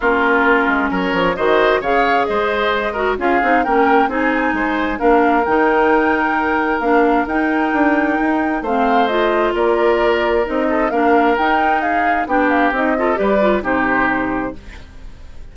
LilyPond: <<
  \new Staff \with { instrumentName = "flute" } { \time 4/4 \tempo 4 = 132 ais'2 cis''4 dis''4 | f''4 dis''2 f''4 | g''4 gis''2 f''4 | g''2. f''4 |
g''2. f''4 | dis''4 d''2 dis''4 | f''4 g''4 f''4 g''8 f''8 | dis''4 d''4 c''2 | }
  \new Staff \with { instrumentName = "oboe" } { \time 4/4 f'2 ais'4 c''4 | cis''4 c''4. ais'8 gis'4 | ais'4 gis'4 c''4 ais'4~ | ais'1~ |
ais'2. c''4~ | c''4 ais'2~ ais'8 a'8 | ais'2 gis'4 g'4~ | g'8 a'8 b'4 g'2 | }
  \new Staff \with { instrumentName = "clarinet" } { \time 4/4 cis'2. fis'4 | gis'2~ gis'8 fis'8 f'8 dis'8 | cis'4 dis'2 d'4 | dis'2. d'4 |
dis'2. c'4 | f'2. dis'4 | d'4 dis'2 d'4 | dis'8 f'8 g'8 f'8 dis'2 | }
  \new Staff \with { instrumentName = "bassoon" } { \time 4/4 ais4. gis8 fis8 f8 dis4 | cis4 gis2 cis'8 c'8 | ais4 c'4 gis4 ais4 | dis2. ais4 |
dis'4 d'4 dis'4 a4~ | a4 ais2 c'4 | ais4 dis'2 b4 | c'4 g4 c2 | }
>>